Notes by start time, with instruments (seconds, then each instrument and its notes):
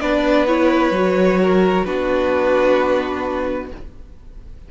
0.00 cello B3, viola D4, violin B4 D5
0.47 viola E4, violin C#5
0.91 cello F#3, viola F#4
1.42 violin A#4
1.85 cello B3, viola D4, violin F#4 B4